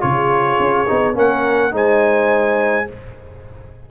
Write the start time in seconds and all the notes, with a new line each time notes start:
0.00 C#3 F4 G#4 C#5
0.59 C#4
0.87 B3 D#4
1.13 A#3 C#4 A#4 F#5
1.70 G#3 D#4 C5 G#5